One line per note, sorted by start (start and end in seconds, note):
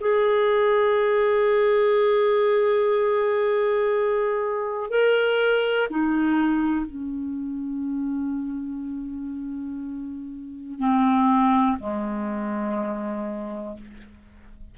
0.00 4.90 G#4
4.90 5.88 A#4
5.90 6.86 D#4
6.86 10.79 C#4
10.79 11.77 C4
11.79 13.76 G#3